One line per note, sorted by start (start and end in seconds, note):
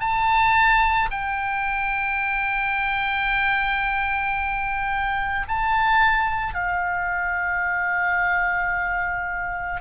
0.00 1.09 A5
1.11 5.47 G5
5.48 6.54 A5
6.54 9.80 F5